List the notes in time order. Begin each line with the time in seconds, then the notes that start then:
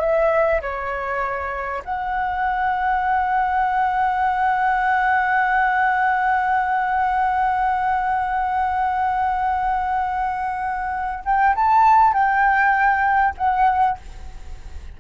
0.00 E5
0.61 C#5
1.84 F#5
11.25 G5
11.55 A5
12.13 G5
13.37 F#5